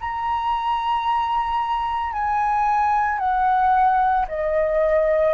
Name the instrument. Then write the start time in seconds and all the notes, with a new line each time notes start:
flute
0.00 A#5
2.12 G#5
3.19 F#5
4.28 D#5